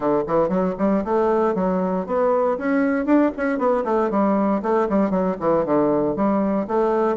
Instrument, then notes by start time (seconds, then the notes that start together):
bassoon
0.00 D3
0.27 E3
0.48 F#3
0.78 G3
1.04 A3
1.55 F#3
2.06 B3
2.58 C#4
3.05 D4
3.36 C#4
3.58 B3
3.84 A3
4.10 G3
4.62 A3
4.89 G3
5.10 F#3
5.39 E3
5.65 D3
6.16 G3
6.67 A3